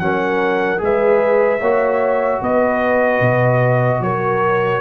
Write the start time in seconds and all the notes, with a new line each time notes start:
0.00 F#3 C#4 A#4 F#5
0.79 G#3 G#4 B4
0.85 E5
1.60 A#3 F#4 C#5
2.42 B3 B4 D#5
3.21 B2
4.01 F#3 A#4 C#5